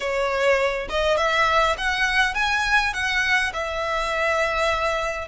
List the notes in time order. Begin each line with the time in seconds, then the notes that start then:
0.00 C#5
0.89 D#5
1.17 E5
1.77 F#5
2.34 G#5
2.93 F#5
3.53 E5